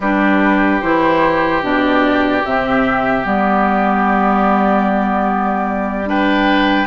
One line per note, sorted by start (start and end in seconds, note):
0.00 0.80 G3
0.00 0.82 D4
0.00 6.09 G4
0.00 0.81 B4
0.81 1.61 E3
0.81 1.61 E4
0.81 1.62 C5
1.61 2.43 B2
1.61 2.43 D4
1.61 2.45 D5
2.45 3.24 C3
2.45 3.22 C4
2.45 3.26 E5
3.22 6.87 G3
3.22 6.05 B3
3.22 6.09 D5
6.05 6.86 D4
6.05 6.87 B4
6.05 6.87 G5